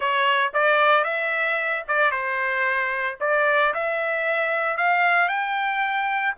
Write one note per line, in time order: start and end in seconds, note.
0.00 0.52 C#5
0.53 1.04 D5
1.04 1.83 E5
1.88 2.11 D5
2.11 3.17 C5
3.20 3.73 D5
3.73 4.77 E5
4.77 5.28 F5
5.28 6.34 G5